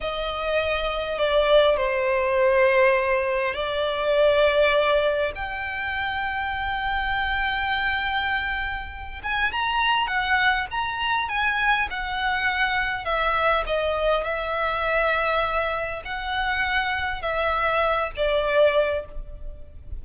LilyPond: \new Staff \with { instrumentName = "violin" } { \time 4/4 \tempo 4 = 101 dis''2 d''4 c''4~ | c''2 d''2~ | d''4 g''2.~ | g''2.~ g''8 gis''8 |
ais''4 fis''4 ais''4 gis''4 | fis''2 e''4 dis''4 | e''2. fis''4~ | fis''4 e''4. d''4. | }